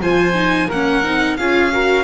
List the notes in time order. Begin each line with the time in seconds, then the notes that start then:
0.00 F3 F4 C5 G#5
0.35 D#4
0.68 A#3 C#4 A#4 F#5
1.04 C4 D#4
1.37 C#4 F4 G#4 F5
1.71 F#4 A#4